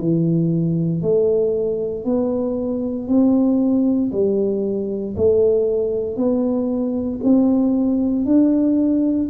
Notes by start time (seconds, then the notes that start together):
0.00 E3
1.03 A3
2.05 B3
3.08 C4
4.12 G3
5.17 A3
6.17 B3
7.24 C4
8.26 D4